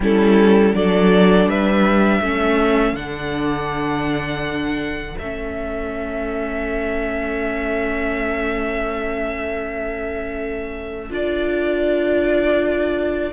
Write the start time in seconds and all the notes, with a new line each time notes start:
0.00 G3 C#4 E4 A4
0.74 F#3 D4 A4 D5
1.46 G3 B4 E5
2.20 A3 C#4 A4
2.93 D3 D4 F#5
5.18 A3 C#4 E5
11.10 D4 F4 D5